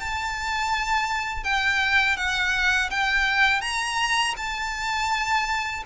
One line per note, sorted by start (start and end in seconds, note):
0.00 1.44 A5
1.44 2.17 G5
2.17 2.90 F#5
2.91 3.62 G5
3.62 4.35 A#5
4.37 5.83 A5